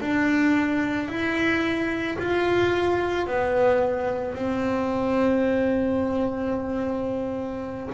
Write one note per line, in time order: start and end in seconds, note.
0.00 1.08 D4
1.08 2.17 E4
2.19 3.27 F4
3.27 4.34 B3
4.34 7.89 C4